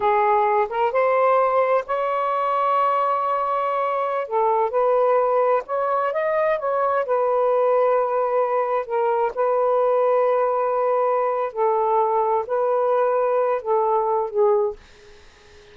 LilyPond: \new Staff \with { instrumentName = "saxophone" } { \time 4/4 \tempo 4 = 130 gis'4. ais'8 c''2 | cis''1~ | cis''4~ cis''16 a'4 b'4.~ b'16~ | b'16 cis''4 dis''4 cis''4 b'8.~ |
b'2.~ b'16 ais'8.~ | ais'16 b'2.~ b'8.~ | b'4 a'2 b'4~ | b'4. a'4. gis'4 | }